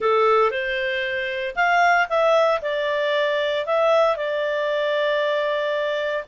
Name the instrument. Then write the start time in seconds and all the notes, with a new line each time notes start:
clarinet
0.00 A4
0.51 C5
1.55 F5
2.09 E5
2.61 D5
3.65 E5
4.16 D5